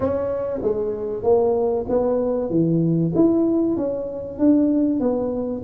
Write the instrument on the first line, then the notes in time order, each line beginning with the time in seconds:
tuba
0.00 C#4
0.62 G#3
1.23 A#3
1.88 B3
2.49 E3
3.15 E4
3.76 C#4
4.39 D4
5.00 B3